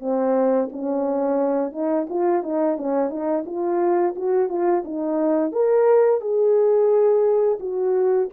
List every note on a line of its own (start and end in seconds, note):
0.00 0.69 C4
0.72 1.72 C#4
1.72 2.07 D#4
2.09 2.43 F4
2.43 2.77 D#4
2.77 3.09 C#4
3.09 3.44 D#4
3.46 4.15 F4
4.16 4.49 F#4
4.49 4.83 F4
4.84 5.52 D#4
5.52 6.21 A#4
6.21 7.59 G#4
7.60 8.29 F#4